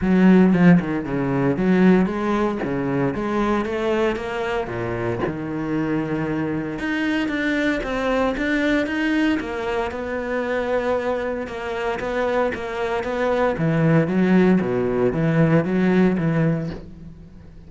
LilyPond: \new Staff \with { instrumentName = "cello" } { \time 4/4 \tempo 4 = 115 fis4 f8 dis8 cis4 fis4 | gis4 cis4 gis4 a4 | ais4 ais,4 dis2~ | dis4 dis'4 d'4 c'4 |
d'4 dis'4 ais4 b4~ | b2 ais4 b4 | ais4 b4 e4 fis4 | b,4 e4 fis4 e4 | }